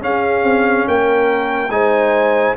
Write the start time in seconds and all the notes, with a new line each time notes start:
0.00 C#4 G#4 F5
0.43 C4
0.87 A#3 A#4 G5
1.69 G#3 D#4 C5 G#5